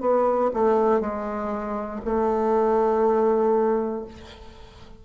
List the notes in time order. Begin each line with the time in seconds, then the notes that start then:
0.00 B3
0.54 A3
1.00 G#3
2.05 A3